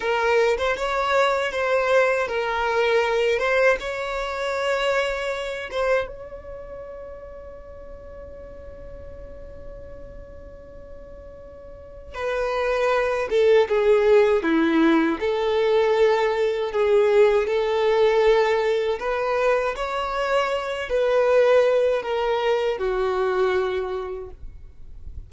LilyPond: \new Staff \with { instrumentName = "violin" } { \time 4/4 \tempo 4 = 79 ais'8. c''16 cis''4 c''4 ais'4~ | ais'8 c''8 cis''2~ cis''8 c''8 | cis''1~ | cis''1 |
b'4. a'8 gis'4 e'4 | a'2 gis'4 a'4~ | a'4 b'4 cis''4. b'8~ | b'4 ais'4 fis'2 | }